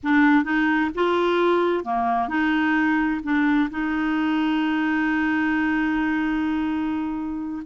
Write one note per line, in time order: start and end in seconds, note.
0.03 0.44 D4
0.44 0.90 D#4
0.94 1.84 F4
1.84 2.28 A#3
2.28 3.21 D#4
3.23 3.69 D4
3.70 7.62 D#4